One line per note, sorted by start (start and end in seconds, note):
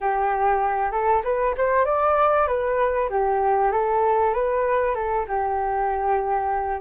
0.01 0.91 G4
0.91 1.22 A4
1.23 1.54 B4
1.57 1.85 C5
1.85 2.47 D5
2.47 3.09 B4
3.09 3.71 G4
3.71 4.33 A4
4.33 4.95 B4
4.95 5.25 A4
5.27 6.81 G4